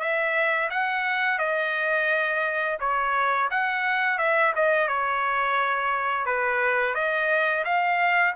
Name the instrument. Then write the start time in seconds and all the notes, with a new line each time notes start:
trumpet
0.00 E5
0.71 F#5
1.39 D#5
2.80 C#5
3.51 F#5
4.19 E5
4.56 D#5
4.88 C#5
6.26 B4
6.95 D#5
7.65 F5